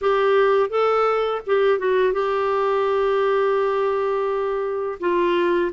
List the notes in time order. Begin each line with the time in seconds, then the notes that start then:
0.01 G4
0.69 A4
1.46 G4
1.79 F#4
2.12 G4
5.00 F4